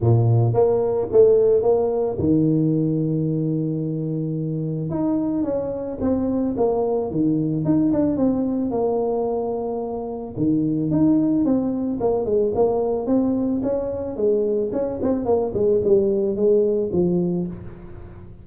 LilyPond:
\new Staff \with { instrumentName = "tuba" } { \time 4/4 \tempo 4 = 110 ais,4 ais4 a4 ais4 | dis1~ | dis4 dis'4 cis'4 c'4 | ais4 dis4 dis'8 d'8 c'4 |
ais2. dis4 | dis'4 c'4 ais8 gis8 ais4 | c'4 cis'4 gis4 cis'8 c'8 | ais8 gis8 g4 gis4 f4 | }